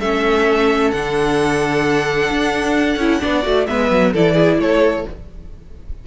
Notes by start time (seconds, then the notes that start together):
0.00 A3 C#4 A4 E5
0.91 D3 D4 F#5
2.31 D4
2.96 C#4 E4
3.20 B3 D4 D5
3.43 A3 F#4
3.66 G#3 B3 B4 E5
3.91 F#3
4.13 E3 E4 A4 D5
4.35 G#4
4.58 A3 A4 C#5